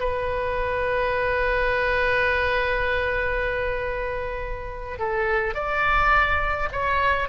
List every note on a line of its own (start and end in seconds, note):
0.00 4.99 B4
4.99 5.55 A4
5.55 6.69 D5
6.72 7.29 C#5